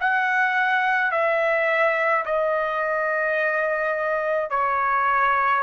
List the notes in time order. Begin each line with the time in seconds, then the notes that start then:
0.00 F#5
1.11 E5
2.25 D#5
4.50 C#5